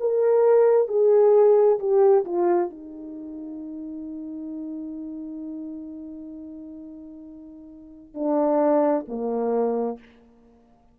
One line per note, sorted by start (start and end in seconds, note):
0.00 0.88 A#4
0.88 1.79 G#4
1.79 2.25 G4
2.25 2.70 F4
2.70 8.14 D#4
8.14 9.05 D4
9.08 9.99 A#3